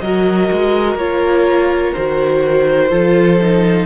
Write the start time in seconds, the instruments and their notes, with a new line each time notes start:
0.00 cello F#3, viola F#4, violin A#4 D#5
0.52 cello G#3
0.95 cello A#3, viola F4, violin C#5
1.93 cello D#3, viola F#4, violin C5
2.89 cello F3, viola F4, violin A4
3.41 viola D#4